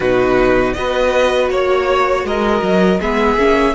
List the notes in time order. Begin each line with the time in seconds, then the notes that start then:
0.00 B2 D#4 F#4 B4
0.73 B3 F#4 B4 D#5
1.49 A#3 C#5
2.23 G#3 A#4 D#5
2.62 F#3
3.00 G#3 B3 G#4 E5
3.36 A#3 C#4